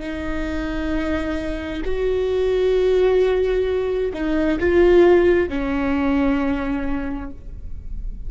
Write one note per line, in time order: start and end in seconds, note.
0.00 1.82 D#4
1.85 4.12 F#4
4.13 4.59 D#4
4.60 5.49 F4
5.49 7.31 C#4